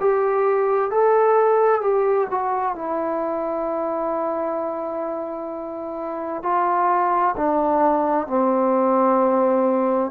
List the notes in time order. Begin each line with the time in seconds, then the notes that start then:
0.00 G4
0.91 A4
1.81 G4
2.30 F#4
2.75 E4
6.43 F4
7.37 D4
8.27 C4